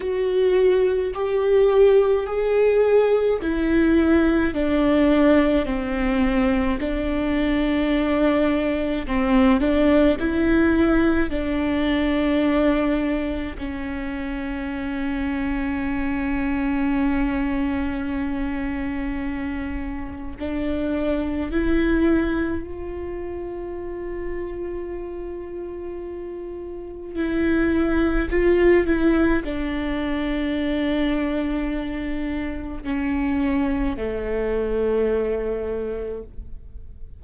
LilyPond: \new Staff \with { instrumentName = "viola" } { \time 4/4 \tempo 4 = 53 fis'4 g'4 gis'4 e'4 | d'4 c'4 d'2 | c'8 d'8 e'4 d'2 | cis'1~ |
cis'2 d'4 e'4 | f'1 | e'4 f'8 e'8 d'2~ | d'4 cis'4 a2 | }